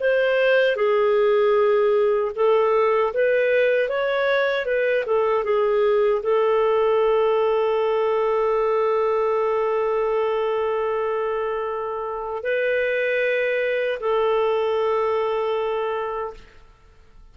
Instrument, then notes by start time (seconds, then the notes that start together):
clarinet
0.00 C5
0.76 G#4
2.35 A4
3.13 B4
3.89 C#5
4.65 B4
5.06 A4
5.44 G#4
6.22 A4
12.43 B4
14.00 A4